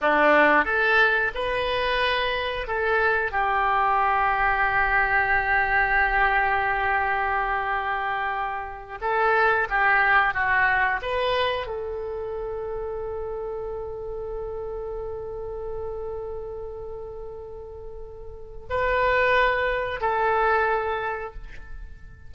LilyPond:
\new Staff \with { instrumentName = "oboe" } { \time 4/4 \tempo 4 = 90 d'4 a'4 b'2 | a'4 g'2.~ | g'1~ | g'4. a'4 g'4 fis'8~ |
fis'8 b'4 a'2~ a'8~ | a'1~ | a'1 | b'2 a'2 | }